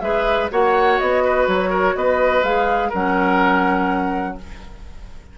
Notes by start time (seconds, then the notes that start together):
0.00 G#3 G#4 B4 E5
0.50 A#3 F#4 C#5 F#5
0.99 B3 D#5
1.24 B4
1.47 F#3 C#5
1.70 A#4
1.95 B3 B4 D#5
2.43 G#3 G#4 F5
2.89 F#3 C#4 A#4 F#5